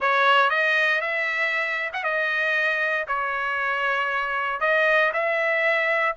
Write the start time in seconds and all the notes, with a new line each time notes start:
0.00 C#5
0.49 D#5
1.01 E5
1.93 F#5
2.03 D#5
3.07 C#5
4.60 D#5
5.13 E5